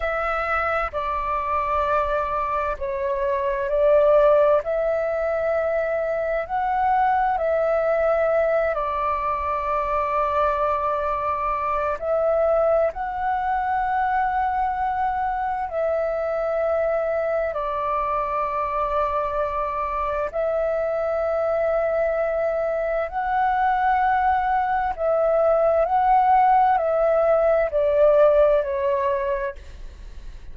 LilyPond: \new Staff \with { instrumentName = "flute" } { \time 4/4 \tempo 4 = 65 e''4 d''2 cis''4 | d''4 e''2 fis''4 | e''4. d''2~ d''8~ | d''4 e''4 fis''2~ |
fis''4 e''2 d''4~ | d''2 e''2~ | e''4 fis''2 e''4 | fis''4 e''4 d''4 cis''4 | }